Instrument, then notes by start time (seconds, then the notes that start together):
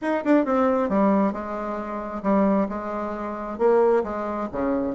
bassoon
0.01 D#4
0.24 D4
0.45 C4
0.89 G3
1.32 G#3
2.22 G3
2.68 G#3
3.58 A#3
4.03 G#3
4.52 C#3